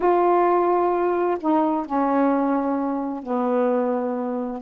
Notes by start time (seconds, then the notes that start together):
0.00 F4
1.40 D#4
1.85 C#4
3.23 B3